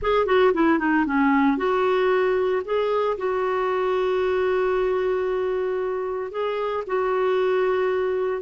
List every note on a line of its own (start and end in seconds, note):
0.01 0.25 G#4
0.25 0.52 F#4
0.53 0.78 E4
0.78 1.05 D#4
1.05 1.57 C#4
1.57 2.62 F#4
2.64 3.17 G#4
3.17 6.31 F#4
6.31 6.83 G#4
6.86 8.41 F#4